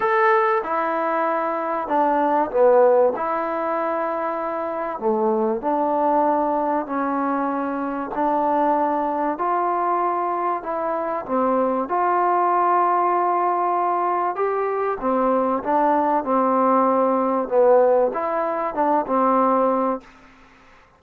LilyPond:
\new Staff \with { instrumentName = "trombone" } { \time 4/4 \tempo 4 = 96 a'4 e'2 d'4 | b4 e'2. | a4 d'2 cis'4~ | cis'4 d'2 f'4~ |
f'4 e'4 c'4 f'4~ | f'2. g'4 | c'4 d'4 c'2 | b4 e'4 d'8 c'4. | }